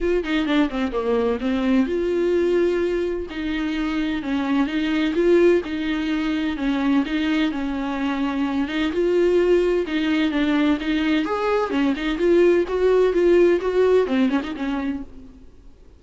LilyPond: \new Staff \with { instrumentName = "viola" } { \time 4/4 \tempo 4 = 128 f'8 dis'8 d'8 c'8 ais4 c'4 | f'2. dis'4~ | dis'4 cis'4 dis'4 f'4 | dis'2 cis'4 dis'4 |
cis'2~ cis'8 dis'8 f'4~ | f'4 dis'4 d'4 dis'4 | gis'4 cis'8 dis'8 f'4 fis'4 | f'4 fis'4 c'8 cis'16 dis'16 cis'4 | }